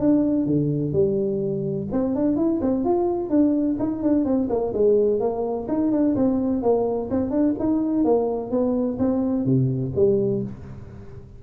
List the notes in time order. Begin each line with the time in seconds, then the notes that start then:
0.00 D4
0.46 D3
0.93 G3
1.92 C4
2.15 D4
2.36 E4
2.61 C4
2.85 F4
3.30 D4
3.79 D#4
4.03 D4
4.25 C4
4.50 A#3
4.74 G#3
5.20 A#3
5.68 D#4
5.92 D4
6.16 C4
6.62 A#3
7.11 C4
7.30 D4
7.59 D#4
8.04 A#3
8.51 B3
8.99 C4
9.45 C3
9.95 G3